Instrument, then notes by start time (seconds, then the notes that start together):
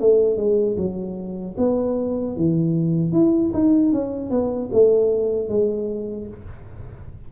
tuba
0.00 A3
0.37 G#3
0.77 F#3
1.58 B3
2.36 E3
3.12 E4
3.53 D#4
3.92 C#4
4.30 B3
4.72 A3
5.49 G#3